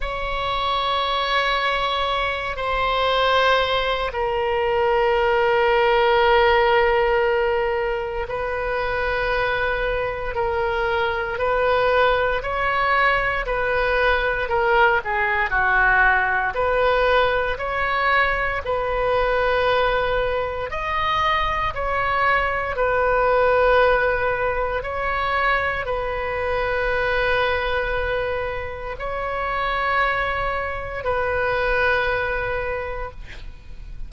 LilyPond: \new Staff \with { instrumentName = "oboe" } { \time 4/4 \tempo 4 = 58 cis''2~ cis''8 c''4. | ais'1 | b'2 ais'4 b'4 | cis''4 b'4 ais'8 gis'8 fis'4 |
b'4 cis''4 b'2 | dis''4 cis''4 b'2 | cis''4 b'2. | cis''2 b'2 | }